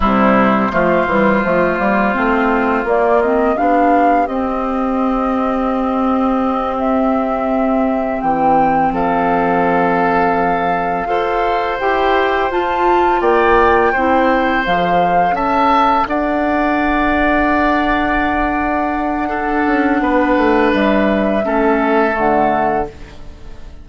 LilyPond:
<<
  \new Staff \with { instrumentName = "flute" } { \time 4/4 \tempo 4 = 84 c''1 | d''8 dis''8 f''4 dis''2~ | dis''4. e''2 g''8~ | g''8 f''2.~ f''8~ |
f''8 g''4 a''4 g''4.~ | g''8 f''4 a''4 fis''4.~ | fis''1~ | fis''4 e''2 fis''4 | }
  \new Staff \with { instrumentName = "oboe" } { \time 4/4 e'4 f'2.~ | f'4 g'2.~ | g'1~ | g'8 a'2. c''8~ |
c''2~ c''8 d''4 c''8~ | c''4. e''4 d''4.~ | d''2. a'4 | b'2 a'2 | }
  \new Staff \with { instrumentName = "clarinet" } { \time 4/4 g4 a8 g8 a8 ais8 c'4 | ais8 c'8 d'4 c'2~ | c'1~ | c'2.~ c'8 a'8~ |
a'8 g'4 f'2 e'8~ | e'8 a'2.~ a'8~ | a'2. d'4~ | d'2 cis'4 a4 | }
  \new Staff \with { instrumentName = "bassoon" } { \time 4/4 c4 f8 e8 f8 g8 a4 | ais4 b4 c'2~ | c'2.~ c'8 e8~ | e8 f2. f'8~ |
f'8 e'4 f'4 ais4 c'8~ | c'8 f4 cis'4 d'4.~ | d'2.~ d'8 cis'8 | b8 a8 g4 a4 d4 | }
>>